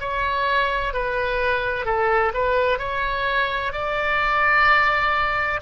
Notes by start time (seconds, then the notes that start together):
0.00 C#5
0.93 B4
1.85 A4
2.34 B4
2.79 C#5
3.72 D5